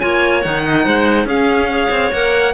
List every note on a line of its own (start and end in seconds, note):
0.00 0.45 A#3
0.00 0.42 F4
0.00 0.63 C#5
0.00 0.42 G#5
0.42 0.86 D#3
0.42 1.27 D#4
0.42 1.26 F#5
0.64 0.85 D#5
0.85 1.25 G#3
0.85 1.26 C5
1.25 1.88 C#4
1.25 1.69 C#4
1.25 1.68 G#4
1.25 2.13 F5
1.69 2.11 G#4
1.69 2.54 C#5
1.90 2.11 C4
2.12 2.54 A#3
2.12 2.54 A#4
2.12 2.54 F#5